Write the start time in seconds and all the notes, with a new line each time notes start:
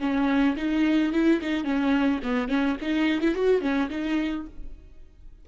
0.00 C#4
0.57 D#4
1.13 E4
1.41 D#4
1.64 C#4
2.23 B3
2.49 C#4
2.82 D#4
3.21 E4
3.35 F#4
3.61 C#4
3.90 D#4